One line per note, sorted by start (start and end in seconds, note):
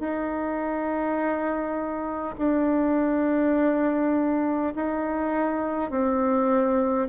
0.00 2.35 D#4
2.39 4.74 D4
4.76 5.91 D#4
5.91 7.09 C4